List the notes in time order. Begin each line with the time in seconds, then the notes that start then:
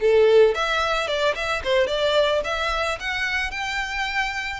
0.00 A4
0.54 E5
1.07 D5
1.35 E5
1.64 C5
1.87 D5
2.44 E5
3.00 F#5
3.51 G5